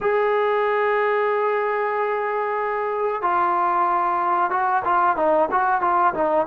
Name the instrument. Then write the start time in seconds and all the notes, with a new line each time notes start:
trombone
0.00 G#4
3.22 F4
4.50 F#4
4.84 F4
5.16 D#4
5.51 F#4
5.81 F4
6.14 D#4